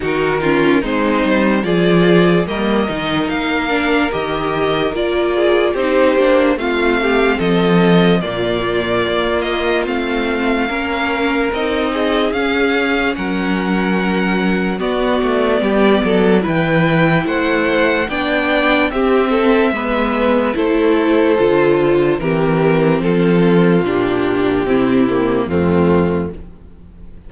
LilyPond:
<<
  \new Staff \with { instrumentName = "violin" } { \time 4/4 \tempo 4 = 73 ais'4 c''4 d''4 dis''4 | f''4 dis''4 d''4 c''4 | f''4 dis''4 d''4. dis''8 | f''2 dis''4 f''4 |
fis''2 d''2 | g''4 fis''4 g''4 e''4~ | e''4 c''2 ais'4 | a'4 g'2 f'4 | }
  \new Staff \with { instrumentName = "violin" } { \time 4/4 fis'8 f'8 dis'4 gis'4 ais'4~ | ais'2~ ais'8 gis'8 g'4 | f'8 g'8 a'4 f'2~ | f'4 ais'4. gis'4. |
ais'2 fis'4 g'8 a'8 | b'4 c''4 d''4 g'8 a'8 | b'4 a'2 g'4 | f'2 e'4 c'4 | }
  \new Staff \with { instrumentName = "viola" } { \time 4/4 dis'8 cis'8 c'4 f'4 ais8 dis'8~ | dis'8 d'8 g'4 f'4 dis'8 d'8 | c'2 ais2 | c'4 cis'4 dis'4 cis'4~ |
cis'2 b2 | e'2 d'4 c'4 | b4 e'4 f'4 c'4~ | c'4 d'4 c'8 ais8 a4 | }
  \new Staff \with { instrumentName = "cello" } { \time 4/4 dis4 gis8 g8 f4 g8 dis8 | ais4 dis4 ais4 c'8 ais8 | a4 f4 ais,4 ais4 | a4 ais4 c'4 cis'4 |
fis2 b8 a8 g8 fis8 | e4 a4 b4 c'4 | gis4 a4 d4 e4 | f4 ais,4 c4 f,4 | }
>>